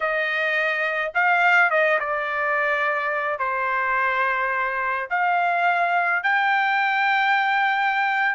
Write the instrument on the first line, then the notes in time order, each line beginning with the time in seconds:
trumpet
0.00 D#5
1.14 F5
1.70 D#5
1.99 D5
3.38 C5
5.09 F5
6.23 G5